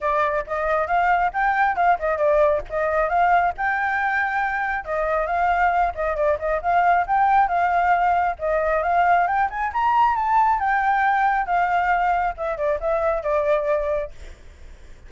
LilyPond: \new Staff \with { instrumentName = "flute" } { \time 4/4 \tempo 4 = 136 d''4 dis''4 f''4 g''4 | f''8 dis''8 d''4 dis''4 f''4 | g''2. dis''4 | f''4. dis''8 d''8 dis''8 f''4 |
g''4 f''2 dis''4 | f''4 g''8 gis''8 ais''4 a''4 | g''2 f''2 | e''8 d''8 e''4 d''2 | }